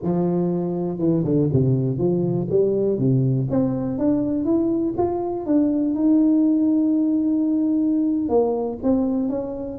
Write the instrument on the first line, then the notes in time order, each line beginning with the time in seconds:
tuba
0.02 F3
0.98 E3
1.24 D3
1.52 C3
1.98 F3
2.50 G3
2.98 C3
3.50 C4
3.98 D4
4.44 E4
4.97 F4
5.45 D4
5.94 D#4
8.28 A#3
8.82 C4
9.29 C#4